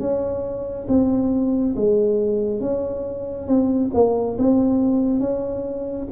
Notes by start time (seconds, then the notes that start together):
0.00 C#4
0.88 C4
1.76 G#3
2.60 C#4
3.47 C4
3.94 A#3
4.38 C4
5.20 C#4